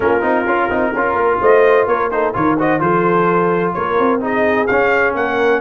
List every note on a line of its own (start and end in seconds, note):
0.00 0.22 A#3
0.00 0.21 C#4
0.00 0.93 F4
0.00 1.40 A#4
0.21 0.45 C4
0.21 0.44 D#4
0.46 0.69 C#4
0.46 0.70 F4
0.69 0.93 C4
0.69 0.93 D#4
0.93 1.14 C#4
0.93 2.11 F4
0.93 1.40 A#4
1.14 1.38 A#3
1.41 1.86 A3
1.41 1.87 C5
1.41 1.87 D#5
1.86 2.33 A#3
1.86 2.10 A#4
1.86 2.10 C#5
2.10 2.33 D#4
2.10 2.34 A4
2.10 2.34 C5
2.33 2.80 D#3
2.33 2.57 F4
2.33 2.57 A#4
2.33 2.58 C#5
2.57 2.79 F#4
2.57 2.81 C5
2.57 2.80 D#5
2.79 3.74 F3
2.79 4.20 F4
2.79 3.74 A4
2.79 3.73 C5
3.73 3.98 A#3
3.73 4.21 A#4
3.73 4.20 C#5
3.98 4.69 C4
4.20 4.67 D#4
4.20 5.15 G#4
4.20 4.66 D#5
4.66 5.60 C#4
4.66 5.14 C#4
4.66 5.13 F5
5.14 5.60 A#3
5.14 5.60 A#4
5.14 5.60 F#5